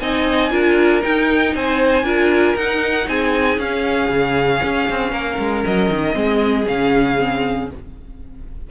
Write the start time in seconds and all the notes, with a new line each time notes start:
0.00 C4 D#4 D#5 G#5
0.51 D4 F4 A#4
1.01 D#4 G5
1.55 C4 C5 G#5
2.03 D4 F4 A#4
2.56 D#4 F#5
3.08 C4 G#4 G#5
3.58 C#4 F5
4.10 C#3
4.64 C#4
4.90 C4
5.12 A#3 A#4
5.39 G#3
5.65 F#3 D#5
5.90 D#3
6.13 G#3 C4 G#4
6.68 C#3 C#4 F5
7.18 C4